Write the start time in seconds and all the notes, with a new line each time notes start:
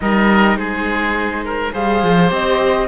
0.00 G3 D#4 A#4 D#5
0.56 G#3 G#4 C5
1.44 A#4
1.72 G3 G#4 C5 F5
2.03 F3
2.29 C4 G4 D#5